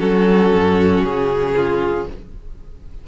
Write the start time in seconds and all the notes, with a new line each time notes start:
0.00 F#3 C#4 F#4 A4
0.54 F#2
1.04 C#3 G#4
1.56 F4